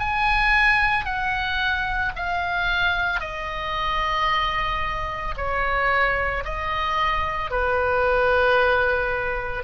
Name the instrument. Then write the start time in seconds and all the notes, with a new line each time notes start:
oboe
0.00 G#5
1.05 F#5
2.16 F5
3.21 D#5
5.37 C#5
6.45 D#5
7.51 B4